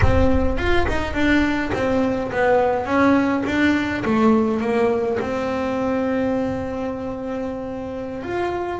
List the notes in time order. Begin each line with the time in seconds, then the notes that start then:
0.01 C4
0.57 F4
0.88 D#4
1.13 D4
1.73 C4
2.31 B3
2.85 C#4
3.46 D4
4.04 A3
4.60 A#3
5.19 C4
8.22 F4